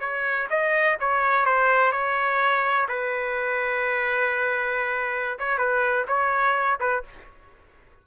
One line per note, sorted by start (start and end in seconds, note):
0.00 0.48 C#5
0.50 0.98 D#5
1.00 1.46 C#5
1.46 1.92 C5
1.92 2.87 C#5
2.89 5.39 B4
5.39 5.58 C#5
5.58 6.06 B4
6.08 6.79 C#5
6.80 7.03 B4